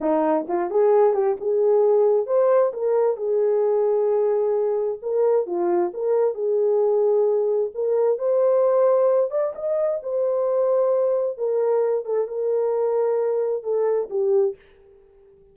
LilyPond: \new Staff \with { instrumentName = "horn" } { \time 4/4 \tempo 4 = 132 dis'4 f'8 gis'4 g'8 gis'4~ | gis'4 c''4 ais'4 gis'4~ | gis'2. ais'4 | f'4 ais'4 gis'2~ |
gis'4 ais'4 c''2~ | c''8 d''8 dis''4 c''2~ | c''4 ais'4. a'8 ais'4~ | ais'2 a'4 g'4 | }